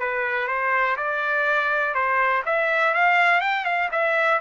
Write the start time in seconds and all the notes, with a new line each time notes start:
0.00 B4
0.48 C5
0.97 D5
1.95 C5
2.46 E5
2.94 F5
3.41 G5
3.65 F5
3.92 E5